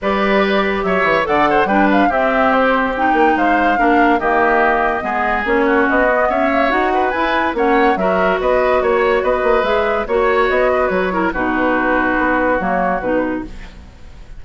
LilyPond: <<
  \new Staff \with { instrumentName = "flute" } { \time 4/4 \tempo 4 = 143 d''2 e''4 fis''4 | g''8 f''8 e''4 c''4 g''4 | f''2 dis''2~ | dis''4 cis''4 dis''4 e''4 |
fis''4 gis''4 fis''4 e''4 | dis''4 cis''4 dis''4 e''4 | cis''4 dis''4 cis''4 b'4~ | b'2 cis''4 b'4 | }
  \new Staff \with { instrumentName = "oboe" } { \time 4/4 b'2 cis''4 d''8 c''8 | b'4 g'2. | c''4 ais'4 g'2 | gis'4. fis'4. cis''4~ |
cis''8 b'4. cis''4 ais'4 | b'4 cis''4 b'2 | cis''4. b'4 ais'8 fis'4~ | fis'1 | }
  \new Staff \with { instrumentName = "clarinet" } { \time 4/4 g'2. a'4 | d'4 c'2 dis'4~ | dis'4 d'4 ais2 | b4 cis'4. b4 ais8 |
fis'4 e'4 cis'4 fis'4~ | fis'2. gis'4 | fis'2~ fis'8 e'8 dis'4~ | dis'2 ais4 dis'4 | }
  \new Staff \with { instrumentName = "bassoon" } { \time 4/4 g2 fis8 e8 d4 | g4 c'2~ c'8 ais8 | gis4 ais4 dis2 | gis4 ais4 b4 cis'4 |
dis'4 e'4 ais4 fis4 | b4 ais4 b8 ais8 gis4 | ais4 b4 fis4 b,4~ | b,4 b4 fis4 b,4 | }
>>